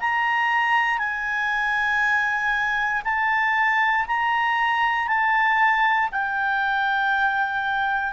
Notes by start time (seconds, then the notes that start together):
0.00 A#5
0.98 G#5
3.05 A5
4.07 A#5
5.08 A5
6.12 G5